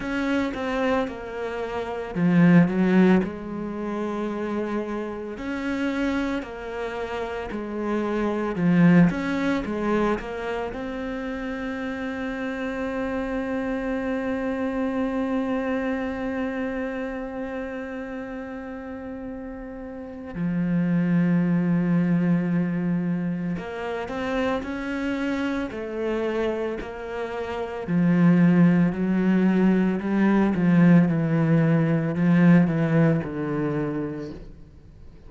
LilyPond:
\new Staff \with { instrumentName = "cello" } { \time 4/4 \tempo 4 = 56 cis'8 c'8 ais4 f8 fis8 gis4~ | gis4 cis'4 ais4 gis4 | f8 cis'8 gis8 ais8 c'2~ | c'1~ |
c'2. f4~ | f2 ais8 c'8 cis'4 | a4 ais4 f4 fis4 | g8 f8 e4 f8 e8 d4 | }